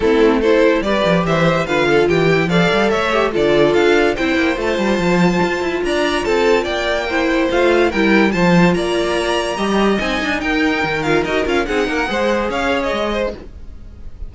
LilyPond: <<
  \new Staff \with { instrumentName = "violin" } { \time 4/4 \tempo 4 = 144 a'4 c''4 d''4 e''4 | f''4 g''4 f''4 e''4 | d''4 f''4 g''4 a''4~ | a''2 ais''4 a''4 |
g''2 f''4 g''4 | a''4 ais''2. | gis''4 g''4. f''8 dis''8 f''8 | fis''2 f''8. dis''4~ dis''16 | }
  \new Staff \with { instrumentName = "violin" } { \time 4/4 e'4 a'4 b'4 c''4 | b'8 a'8 g'4 d''4 cis''4 | a'2 c''2~ | c''2 d''4 a'4 |
d''4 c''2 ais'4 | c''4 d''2 dis''4~ | dis''4 ais'2. | gis'8 ais'8 c''4 cis''4. c''8 | }
  \new Staff \with { instrumentName = "viola" } { \time 4/4 c'4 e'4 g'2 | f'4. e'8 a'4. g'8 | f'2 e'4 f'4~ | f'1~ |
f'4 e'4 f'4 e'4 | f'2. g'4 | dis'2~ dis'8 f'8 fis'8 f'8 | dis'4 gis'2. | }
  \new Staff \with { instrumentName = "cello" } { \time 4/4 a2 g8 f8 e4 | d4 e4 f8 g8 a4 | d4 d'4 c'8 ais8 a8 g8 | f4 f'8 e'8 d'4 c'4 |
ais2 a4 g4 | f4 ais2 g4 | c'8 d'8 dis'4 dis4 dis'8 cis'8 | c'8 ais8 gis4 cis'4 gis4 | }
>>